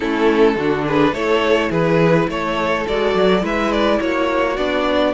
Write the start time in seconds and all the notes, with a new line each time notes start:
0.00 A3 C#4 E4 A4
0.56 D3 D4 F#4
0.86 G#4 B4
1.12 A3 E4 A4 C#5
1.70 E3 G#4 B4
2.28 A3 A4 C#5
2.88 G#3 F#4 D5
3.14 F#3
3.41 G#3 E4 B4 E5
3.72 D5
4.00 A#3 F#4 C#5
4.56 B3 D4 D5